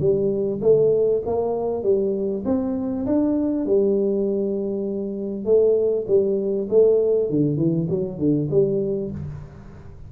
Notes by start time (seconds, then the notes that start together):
0.00 G3
0.62 A3
1.26 A#3
1.83 G3
2.45 C4
3.07 D4
3.66 G3
5.45 A3
6.08 G3
6.69 A3
7.30 D3
7.57 E3
7.90 F#3
8.19 D3
8.51 G3